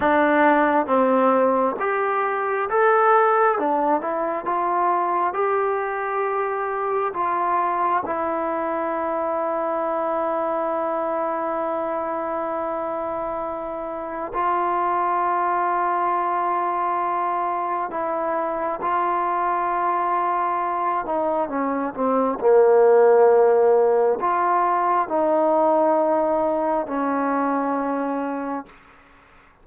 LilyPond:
\new Staff \with { instrumentName = "trombone" } { \time 4/4 \tempo 4 = 67 d'4 c'4 g'4 a'4 | d'8 e'8 f'4 g'2 | f'4 e'2.~ | e'1 |
f'1 | e'4 f'2~ f'8 dis'8 | cis'8 c'8 ais2 f'4 | dis'2 cis'2 | }